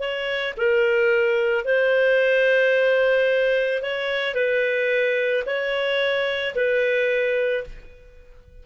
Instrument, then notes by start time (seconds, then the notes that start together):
clarinet
0.00 C#5
0.58 A#4
1.65 C5
3.83 C#5
4.35 B4
5.46 C#5
6.56 B4